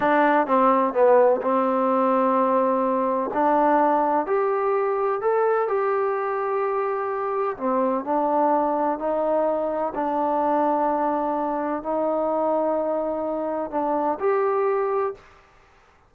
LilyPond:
\new Staff \with { instrumentName = "trombone" } { \time 4/4 \tempo 4 = 127 d'4 c'4 b4 c'4~ | c'2. d'4~ | d'4 g'2 a'4 | g'1 |
c'4 d'2 dis'4~ | dis'4 d'2.~ | d'4 dis'2.~ | dis'4 d'4 g'2 | }